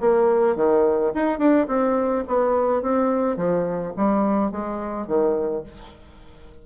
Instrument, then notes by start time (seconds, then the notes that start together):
bassoon
0.00 A#3
0.56 D#3
1.14 D#4
1.38 D4
1.67 C4
2.27 B3
2.82 C4
3.36 F3
3.96 G3
4.51 G#3
5.07 D#3